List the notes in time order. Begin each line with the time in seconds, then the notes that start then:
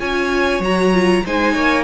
0.00 C#4 F4 C#5 G#5
0.60 F#3 F#4 A#5
0.94 F4
1.26 G#3 D#4 C5 G#5
1.54 A#3 C#5